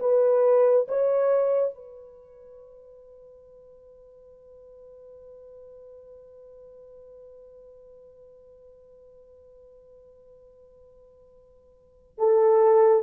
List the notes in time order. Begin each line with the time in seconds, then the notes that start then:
0.00 B4
0.88 C#5
1.75 B4
12.18 A4